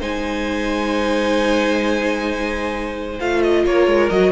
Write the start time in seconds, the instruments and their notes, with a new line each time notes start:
0.00 cello G#3, viola D#4, violin C5 G#5
3.20 cello A3, viola F4, violin F5
3.43 violin D#5
3.65 cello A#3, violin A#4 C#5
3.87 cello G#3
4.10 cello F#3, viola F#4, violin D#5